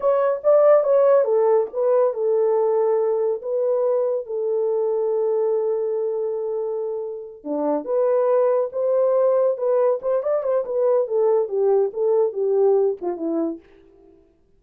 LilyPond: \new Staff \with { instrumentName = "horn" } { \time 4/4 \tempo 4 = 141 cis''4 d''4 cis''4 a'4 | b'4 a'2. | b'2 a'2~ | a'1~ |
a'4. d'4 b'4.~ | b'8 c''2 b'4 c''8 | d''8 c''8 b'4 a'4 g'4 | a'4 g'4. f'8 e'4 | }